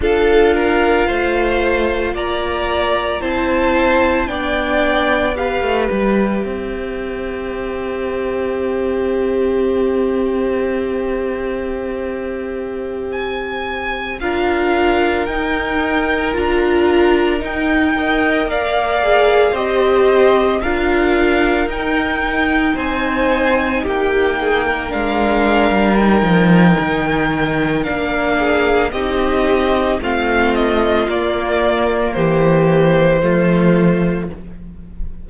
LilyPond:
<<
  \new Staff \with { instrumentName = "violin" } { \time 4/4 \tempo 4 = 56 f''2 ais''4 a''4 | g''4 f''8 e''2~ e''8~ | e''1~ | e''16 gis''4 f''4 g''4 ais''8.~ |
ais''16 g''4 f''4 dis''4 f''8.~ | f''16 g''4 gis''4 g''4 f''8.~ | f''16 g''4.~ g''16 f''4 dis''4 | f''8 dis''8 d''4 c''2 | }
  \new Staff \with { instrumentName = "violin" } { \time 4/4 a'8 ais'8 c''4 d''4 c''4 | d''4 b'4 c''2~ | c''1~ | c''4~ c''16 ais'2~ ais'8.~ |
ais'8. dis''8 d''4 c''4 ais'8.~ | ais'4~ ais'16 c''4 g'8 gis'16 ais'4~ | ais'2~ ais'8 gis'8 g'4 | f'2 g'4 f'4 | }
  \new Staff \with { instrumentName = "viola" } { \time 4/4 f'2. e'4 | d'4 g'2.~ | g'1~ | g'4~ g'16 f'4 dis'4 f'8.~ |
f'16 dis'8 ais'4 gis'8 g'4 f'8.~ | f'16 dis'2. d'8.~ | d'16 dis'4.~ dis'16 d'4 dis'4 | c'4 ais2 a4 | }
  \new Staff \with { instrumentName = "cello" } { \time 4/4 d'4 a4 ais4 c'4 | b4~ b16 a16 g8 c'2~ | c'1~ | c'4~ c'16 d'4 dis'4 d'8.~ |
d'16 dis'4 ais4 c'4 d'8.~ | d'16 dis'4 c'4 ais4 gis8. | g8 f8 dis4 ais4 c'4 | a4 ais4 e4 f4 | }
>>